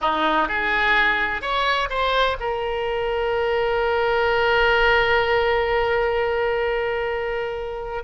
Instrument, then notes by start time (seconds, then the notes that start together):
oboe
0.01 D#4
0.48 G#4
1.41 C#5
1.89 C5
2.40 A#4